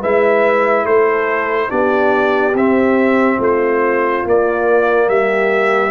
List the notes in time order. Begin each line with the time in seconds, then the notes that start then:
0.00 G#3 E4 B4 E5
0.84 A3 A4 C5
1.69 B3 D4 G4 D5
2.54 C4 E5
3.38 A3 F4 C5
4.25 A#3 D5
5.08 G3 G4 E5